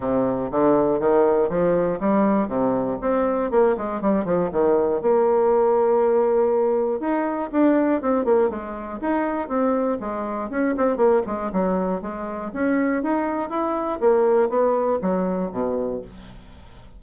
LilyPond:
\new Staff \with { instrumentName = "bassoon" } { \time 4/4 \tempo 4 = 120 c4 d4 dis4 f4 | g4 c4 c'4 ais8 gis8 | g8 f8 dis4 ais2~ | ais2 dis'4 d'4 |
c'8 ais8 gis4 dis'4 c'4 | gis4 cis'8 c'8 ais8 gis8 fis4 | gis4 cis'4 dis'4 e'4 | ais4 b4 fis4 b,4 | }